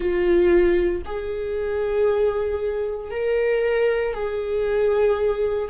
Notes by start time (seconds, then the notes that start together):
0.00 F4
1.05 G#4
3.10 A#4
4.14 G#4